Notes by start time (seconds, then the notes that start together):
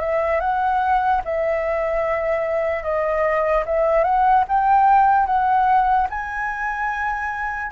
0.00 E5
0.41 F#5
1.25 E5
2.83 D#5
3.66 E5
4.04 F#5
4.48 G5
5.26 F#5
6.10 G#5